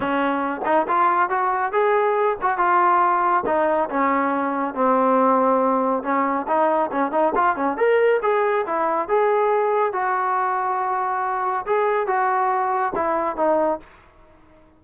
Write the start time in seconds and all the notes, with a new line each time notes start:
0.00 C#4
0.65 D#4
0.88 F4
1.29 F#4
1.72 G#4
2.41 F#4
2.57 F4
3.46 D#4
3.89 C#4
4.74 C4
6.03 C#4
6.47 D#4
6.91 C#4
7.11 D#4
7.35 F4
7.56 C#4
7.77 A#4
8.22 G#4
8.66 E4
9.08 G#4
9.92 F#4
11.66 G#4
12.06 F#4
12.95 E4
13.36 D#4